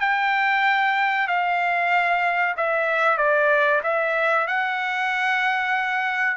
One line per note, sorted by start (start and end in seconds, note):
0.00 1.28 G5
1.28 2.55 F5
2.57 3.17 E5
3.17 3.82 D5
3.83 4.47 E5
4.47 6.37 F#5